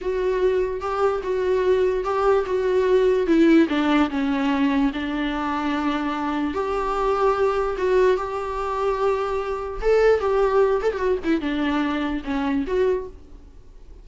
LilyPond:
\new Staff \with { instrumentName = "viola" } { \time 4/4 \tempo 4 = 147 fis'2 g'4 fis'4~ | fis'4 g'4 fis'2 | e'4 d'4 cis'2 | d'1 |
g'2. fis'4 | g'1 | a'4 g'4. a'16 g'16 fis'8 e'8 | d'2 cis'4 fis'4 | }